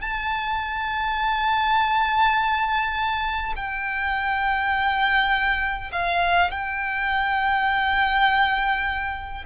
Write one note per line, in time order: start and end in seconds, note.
0.00 3.53 A5
3.56 5.91 G5
5.91 6.50 F5
6.50 9.44 G5